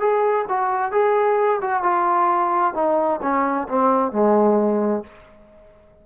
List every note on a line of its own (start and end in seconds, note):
0.00 0.46 G#4
0.49 0.92 F#4
0.92 1.61 G#4
1.62 1.84 F#4
1.84 2.75 F4
2.75 3.20 D#4
3.22 3.68 C#4
3.69 4.13 C4
4.13 5.04 G#3